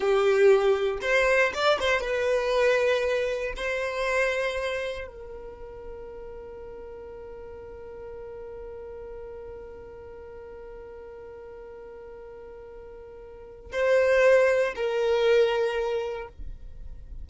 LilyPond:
\new Staff \with { instrumentName = "violin" } { \time 4/4 \tempo 4 = 118 g'2 c''4 d''8 c''8 | b'2. c''4~ | c''2 ais'2~ | ais'1~ |
ais'1~ | ais'1~ | ais'2. c''4~ | c''4 ais'2. | }